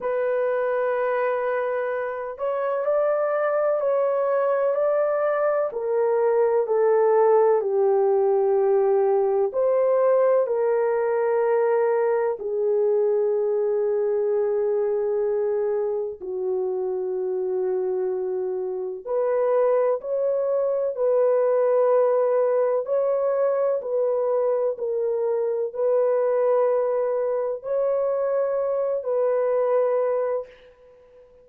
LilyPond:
\new Staff \with { instrumentName = "horn" } { \time 4/4 \tempo 4 = 63 b'2~ b'8 cis''8 d''4 | cis''4 d''4 ais'4 a'4 | g'2 c''4 ais'4~ | ais'4 gis'2.~ |
gis'4 fis'2. | b'4 cis''4 b'2 | cis''4 b'4 ais'4 b'4~ | b'4 cis''4. b'4. | }